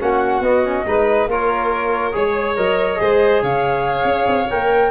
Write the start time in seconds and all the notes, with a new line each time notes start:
0.00 A#3 C#4 F#4 F#5
0.40 B3 D#5
0.64 C#4
0.87 G#3 D#4 B4
1.27 A#3 F4 A#4 C#5
2.13 G#3 G#4 C#5
2.56 F#3 A#4 D#5
2.97 G#3 G#4 C5
3.43 C#3 C#5 F5
4.04 C#4
4.27 C4
4.50 A#3 A#4 G5